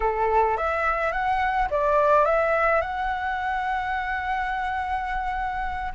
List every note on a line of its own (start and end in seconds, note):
0.00 0.57 A4
0.57 1.12 E5
1.12 1.68 F#5
1.70 2.25 D5
2.25 2.81 E5
2.81 5.92 F#5